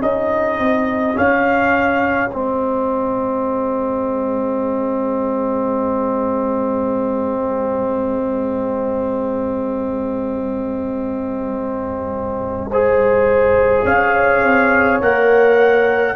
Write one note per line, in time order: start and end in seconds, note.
0.00 0.59 C#4
0.00 1.14 D#4
0.00 12.69 G#4
0.00 1.18 D#5
0.59 1.17 C4
1.14 2.30 C#4
1.14 2.34 C#4
1.14 2.31 F5
2.31 13.85 G#3
2.31 12.71 C4
2.31 13.85 D#5
12.70 15.02 G#4
12.70 13.85 C5
13.85 14.42 C#4
13.85 16.16 C#5
13.85 15.01 F5
14.42 15.00 C4
15.00 16.15 A#3
15.00 16.16 A#4
15.00 16.16 F#5